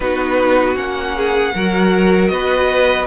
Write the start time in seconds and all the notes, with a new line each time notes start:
0.00 B3 D#4 F#4 B4
0.75 A#3 C#4 F#5
1.16 G#4
1.54 F#3 F#4 A#4
2.27 B3 B4 D#5